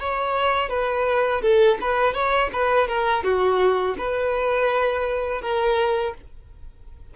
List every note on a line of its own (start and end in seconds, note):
0.00 0.69 C#5
0.69 1.42 B4
1.42 1.78 A4
1.81 2.14 B4
2.14 2.50 C#5
2.53 2.88 B4
2.88 3.24 A#4
3.24 3.96 F#4
3.98 5.42 B4
5.42 6.14 A#4